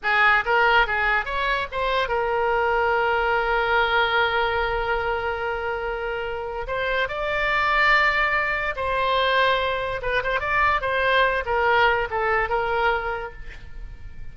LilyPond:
\new Staff \with { instrumentName = "oboe" } { \time 4/4 \tempo 4 = 144 gis'4 ais'4 gis'4 cis''4 | c''4 ais'2.~ | ais'1~ | ais'1 |
c''4 d''2.~ | d''4 c''2. | b'8 c''8 d''4 c''4. ais'8~ | ais'4 a'4 ais'2 | }